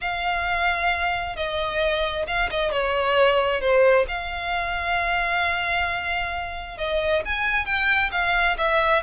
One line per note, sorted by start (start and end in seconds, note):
0.01 1.35 F5
1.35 2.26 D#5
2.27 2.49 F5
2.50 2.71 D#5
2.71 3.60 C#5
3.60 4.06 C5
4.07 6.77 F5
6.77 7.22 D#5
7.25 7.65 G#5
7.65 8.10 G5
8.11 8.56 F5
8.57 9.02 E5